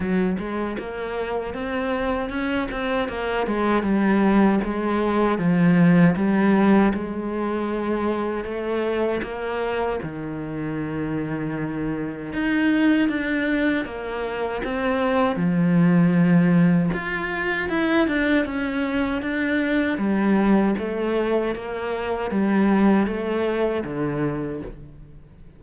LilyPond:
\new Staff \with { instrumentName = "cello" } { \time 4/4 \tempo 4 = 78 fis8 gis8 ais4 c'4 cis'8 c'8 | ais8 gis8 g4 gis4 f4 | g4 gis2 a4 | ais4 dis2. |
dis'4 d'4 ais4 c'4 | f2 f'4 e'8 d'8 | cis'4 d'4 g4 a4 | ais4 g4 a4 d4 | }